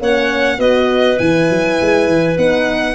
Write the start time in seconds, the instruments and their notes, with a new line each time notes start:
0.00 tuba A#3, horn C#4, clarinet C#5, violin F#5
0.58 tuba B3, horn F#4, clarinet B4, violin D#5
1.18 tuba E3, horn E4, violin G#5
1.49 tuba F#3
1.81 tuba G#3
2.07 tuba E3
2.36 tuba B3, horn D#4, violin F#5